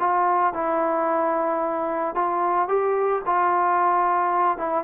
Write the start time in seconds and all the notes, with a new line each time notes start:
0.00 F4
0.54 E4
2.15 F4
2.69 G4
3.26 F4
4.58 E4